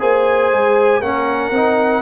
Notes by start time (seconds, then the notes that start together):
0.00 A#3 G#4 C5 G#5
0.52 G#3
1.01 A#3 C#4 A#4 F#5
1.51 C4 D#4